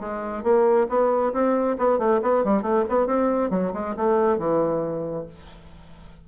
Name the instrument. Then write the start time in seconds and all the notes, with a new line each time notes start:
bassoon
0.00 G#3
0.43 A#3
0.89 B3
1.33 C4
1.78 B3
1.99 A3
2.22 B3
2.44 G3
2.62 A3
2.89 B3
3.07 C4
3.50 F#3
3.73 G#3
3.97 A3
4.38 E3